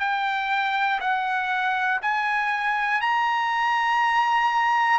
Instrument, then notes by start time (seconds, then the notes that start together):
trumpet
0.00 G5
1.00 F#5
2.01 G#5
3.01 A#5